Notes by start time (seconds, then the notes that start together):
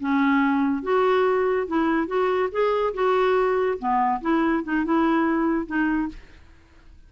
0.00 C#4
0.83 F#4
1.67 E4
2.07 F#4
2.52 G#4
2.94 F#4
3.79 B3
4.21 E4
4.64 D#4
4.85 E4
5.66 D#4